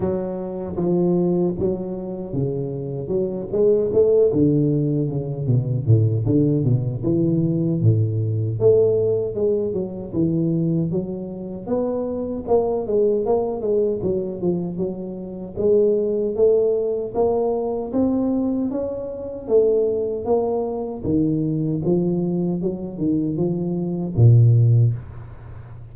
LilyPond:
\new Staff \with { instrumentName = "tuba" } { \time 4/4 \tempo 4 = 77 fis4 f4 fis4 cis4 | fis8 gis8 a8 d4 cis8 b,8 a,8 | d8 b,8 e4 a,4 a4 | gis8 fis8 e4 fis4 b4 |
ais8 gis8 ais8 gis8 fis8 f8 fis4 | gis4 a4 ais4 c'4 | cis'4 a4 ais4 dis4 | f4 fis8 dis8 f4 ais,4 | }